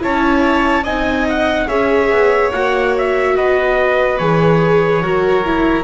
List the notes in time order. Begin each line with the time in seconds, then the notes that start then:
0.00 C#4 E4 C#5 A5
0.84 C4 D#4 D#5 G#5
1.29 F#5
1.67 C#4 G#4 C#5 E5
2.11 B3
2.52 A#3 F#4 F#5
2.98 E5
3.37 B3 B4 D#5
4.18 E3 G#4 C#5
5.01 F#3 F#4 A#4
5.45 E4